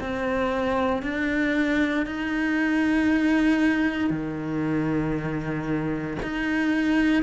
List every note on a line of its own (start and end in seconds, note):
0.00 1.02 C4
1.02 2.05 D4
2.05 4.10 D#4
4.10 6.16 D#3
6.22 7.22 D#4